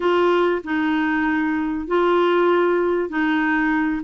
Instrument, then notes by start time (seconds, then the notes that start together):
clarinet
0.00 F4
0.64 D#4
1.87 F4
3.09 D#4